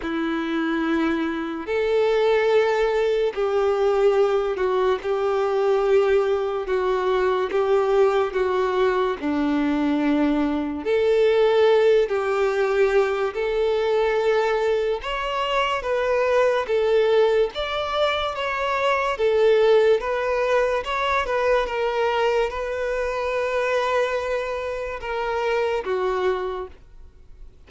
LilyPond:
\new Staff \with { instrumentName = "violin" } { \time 4/4 \tempo 4 = 72 e'2 a'2 | g'4. fis'8 g'2 | fis'4 g'4 fis'4 d'4~ | d'4 a'4. g'4. |
a'2 cis''4 b'4 | a'4 d''4 cis''4 a'4 | b'4 cis''8 b'8 ais'4 b'4~ | b'2 ais'4 fis'4 | }